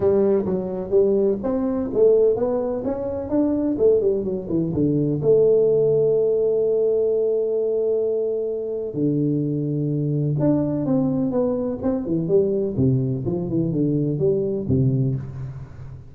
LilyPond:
\new Staff \with { instrumentName = "tuba" } { \time 4/4 \tempo 4 = 127 g4 fis4 g4 c'4 | a4 b4 cis'4 d'4 | a8 g8 fis8 e8 d4 a4~ | a1~ |
a2. d4~ | d2 d'4 c'4 | b4 c'8 e8 g4 c4 | f8 e8 d4 g4 c4 | }